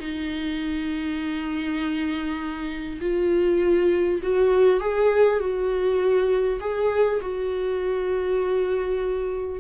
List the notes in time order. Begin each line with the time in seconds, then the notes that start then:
0.00 D#4
3.01 F4
4.23 F#4
4.81 G#4
5.40 F#4
6.61 G#4
7.21 F#4